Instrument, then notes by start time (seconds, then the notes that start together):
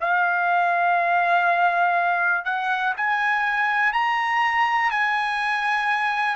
trumpet
0.00 F5
2.45 F#5
2.97 G#5
3.93 A#5
4.91 G#5